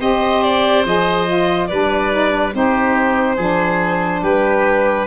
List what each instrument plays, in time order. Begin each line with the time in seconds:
0.00 tuba C4, saxophone G4, oboe C5, violin D#5
0.43 violin D5
0.85 tuba F3, saxophone G#4, violin D#5
1.27 saxophone F4
1.68 tuba G3, saxophone D4, oboe B4, violin D5
2.12 saxophone D#4
2.30 saxophone D4
2.53 tuba C4, saxophone D#4, oboe G4, violin C5
3.37 tuba F3, saxophone D4, oboe G#4
4.22 tuba G3, oboe G4, violin B4